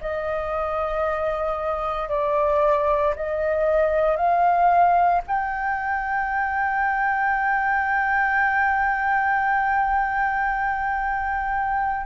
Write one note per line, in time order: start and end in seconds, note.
0.00 2.09 D#5
2.09 3.14 D5
3.15 4.16 D#5
4.16 5.21 F5
5.27 12.06 G5